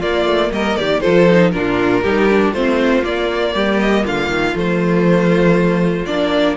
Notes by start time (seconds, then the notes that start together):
0.00 A#3 F4 D5
0.25 A3
0.52 G3 A#4 D#5
0.77 D#3 G4 D5
1.01 F3 F4 A4 C5
1.32 D#4
1.52 A#2 D4 F4 A#4
2.03 G3 D#4 G4
2.30 D4
2.53 A3 C4 F4 C5
3.03 A#3 D5
3.55 G3 G4
3.80 D#5
4.04 D3 F4 F5
4.29 D#3
4.54 F3 A3 C5
6.06 A#3 D4 D5